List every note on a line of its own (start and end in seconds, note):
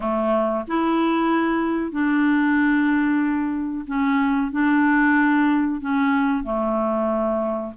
0.00 0.64 A3
0.67 1.91 E4
1.91 3.85 D4
3.87 4.51 C#4
4.51 5.80 D4
5.80 6.43 C#4
6.43 7.72 A3